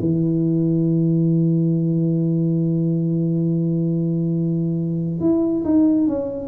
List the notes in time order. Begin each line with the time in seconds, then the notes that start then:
0.00 E3
5.21 E4
5.65 D#4
6.08 C#4